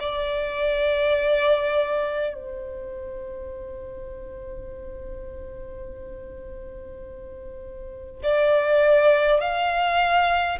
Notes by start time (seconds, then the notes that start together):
0.00 D5
2.34 C5
8.24 D5
9.41 F5